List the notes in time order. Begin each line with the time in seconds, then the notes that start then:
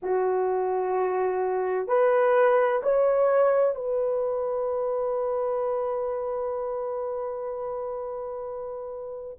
0.02 F#4
1.87 B4
2.82 C#5
3.75 B4